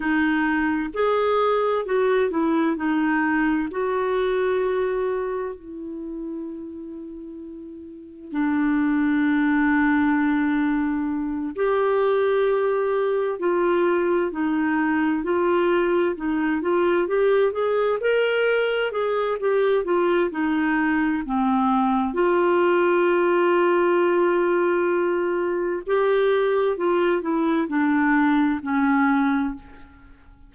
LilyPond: \new Staff \with { instrumentName = "clarinet" } { \time 4/4 \tempo 4 = 65 dis'4 gis'4 fis'8 e'8 dis'4 | fis'2 e'2~ | e'4 d'2.~ | d'8 g'2 f'4 dis'8~ |
dis'8 f'4 dis'8 f'8 g'8 gis'8 ais'8~ | ais'8 gis'8 g'8 f'8 dis'4 c'4 | f'1 | g'4 f'8 e'8 d'4 cis'4 | }